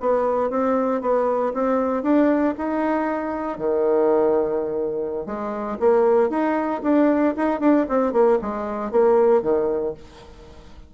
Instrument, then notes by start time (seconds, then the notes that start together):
bassoon
0.00 B3
0.50 C4
1.01 B3
1.54 C4
2.03 D4
2.58 D#4
3.58 D#3
5.26 G#3
5.80 A#3
6.30 D#4
6.83 D4
7.36 D#4
7.60 D4
7.89 C4
8.13 A#3
8.42 G#3
8.91 A#3
9.42 D#3